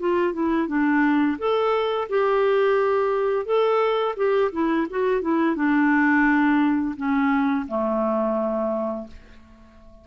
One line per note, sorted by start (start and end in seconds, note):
0.00 0.33 F4
0.33 0.68 E4
0.68 1.38 D4
1.39 2.09 A4
2.10 3.46 G4
3.46 4.16 A4
4.17 4.52 G4
4.53 4.87 E4
4.90 5.22 F#4
5.22 5.56 E4
5.56 6.96 D4
6.97 7.67 C#4
7.68 9.08 A3